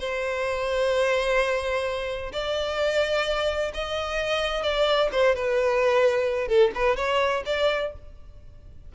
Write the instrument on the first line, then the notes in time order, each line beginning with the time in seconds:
violin
0.00 C5
2.33 D5
3.74 D#5
4.63 D5
5.12 C5
5.35 B4
6.48 A4
6.75 B4
6.97 C#5
7.46 D5